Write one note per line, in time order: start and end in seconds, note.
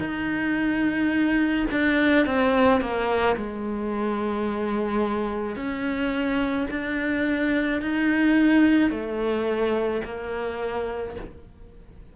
0.00 1.67 D#4
1.71 2.26 D4
2.26 2.81 C4
2.81 3.36 A#3
3.36 5.56 G#3
5.56 6.67 C#4
6.71 7.82 D4
7.82 8.90 D#4
8.90 10.02 A3
10.05 11.16 A#3